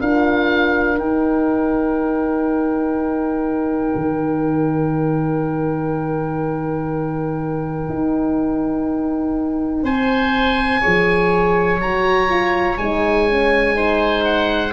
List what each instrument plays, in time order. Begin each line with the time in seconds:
0.00 tuba D4, horn F4, oboe A#4 F5
0.97 horn D#4, tuba D#4, oboe G5
3.95 tuba D#3
7.89 tuba D#4
9.82 tuba C4, oboe C5 G#5
10.81 tuba F3, horn G#4, oboe C#5
11.78 tuba F#3, horn F#4, oboe A#5
12.29 horn F4
12.77 tuba G#3, horn D#4, oboe G#5
13.30 horn C#4
13.74 horn D#4, oboe C5
14.24 oboe F#5